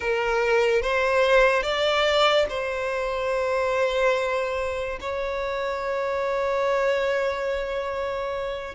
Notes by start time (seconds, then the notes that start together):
0.00 A#4
0.81 C5
1.62 D5
2.49 C5
5.00 C#5